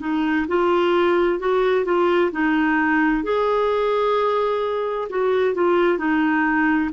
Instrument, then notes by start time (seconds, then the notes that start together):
clarinet
0.00 D#4
0.48 F4
1.39 F#4
1.85 F4
2.32 D#4
3.23 G#4
5.09 F#4
5.54 F4
5.98 D#4